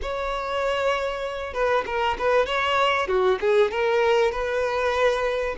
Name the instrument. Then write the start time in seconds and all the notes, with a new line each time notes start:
violin
0.01 C#5
1.53 B4
1.86 A#4
2.18 B4
2.46 C#5
3.07 F#4
3.40 G#4
3.71 A#4
4.31 B4